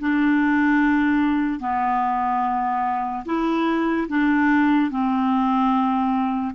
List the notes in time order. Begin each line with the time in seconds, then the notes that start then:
0.00 D4
1.60 B3
3.25 E4
4.09 D4
4.91 C4